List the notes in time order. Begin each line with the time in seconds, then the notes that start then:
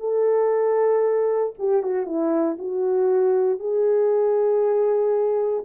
0.00 A4
1.59 G4
1.83 F#4
2.06 E4
2.59 F#4
3.60 G#4